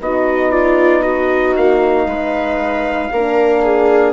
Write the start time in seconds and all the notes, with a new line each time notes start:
0.00 B3 D#4 F#4 D#5
0.51 F4 D5
1.02 F#4 D#5
1.56 A#3 F5
2.06 G#3 B4
3.12 A#3 D4 A#4
3.63 G#4